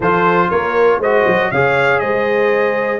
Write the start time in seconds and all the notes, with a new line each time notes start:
0.00 F3 F4 A4 C5
0.49 A#3 A#4 C#5
0.98 G#3 F#4 C5 D#5
1.27 F#3
1.51 C#3 G#4 C#5 F5
1.99 G#3 C5 D#5